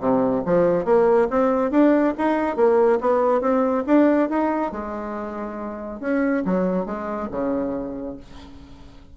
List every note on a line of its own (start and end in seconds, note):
0.00 0.43 C3
0.46 0.85 F3
0.85 1.28 A#3
1.30 1.71 C4
1.71 2.14 D4
2.18 2.56 D#4
2.56 2.99 A#3
3.01 3.41 B3
3.41 3.84 C4
3.87 4.30 D4
4.30 4.72 D#4
4.72 6.00 G#3
6.00 6.43 C#4
6.45 6.86 F#3
6.86 7.29 G#3
7.31 8.17 C#3